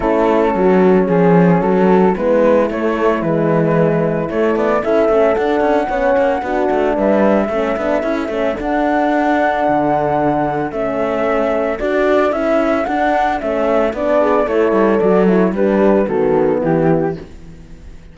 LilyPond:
<<
  \new Staff \with { instrumentName = "flute" } { \time 4/4 \tempo 4 = 112 a'2 gis'4 a'4 | b'4 cis''4 b'2 | cis''8 d''8 e''4 fis''2~ | fis''4 e''2. |
fis''1 | e''2 d''4 e''4 | fis''4 e''4 d''4 cis''4 | d''8 cis''8 b'4 a'4 g'4 | }
  \new Staff \with { instrumentName = "horn" } { \time 4/4 e'4 fis'4 gis'4 fis'4 | e'1~ | e'4 a'2 cis''4 | fis'4 b'4 a'2~ |
a'1~ | a'1~ | a'2~ a'8 gis'8 a'4~ | a'4 g'4 fis'4 e'4 | }
  \new Staff \with { instrumentName = "horn" } { \time 4/4 cis'1 | b4 a4 gis2 | a4 e'8 cis'8 d'4 cis'4 | d'2 cis'8 d'8 e'8 cis'8 |
d'1 | cis'2 fis'4 e'4 | d'4 cis'4 d'4 e'4 | fis'8 e'8 d'4 b2 | }
  \new Staff \with { instrumentName = "cello" } { \time 4/4 a4 fis4 f4 fis4 | gis4 a4 e2 | a8 b8 cis'8 a8 d'8 cis'8 b8 ais8 | b8 a8 g4 a8 b8 cis'8 a8 |
d'2 d2 | a2 d'4 cis'4 | d'4 a4 b4 a8 g8 | fis4 g4 dis4 e4 | }
>>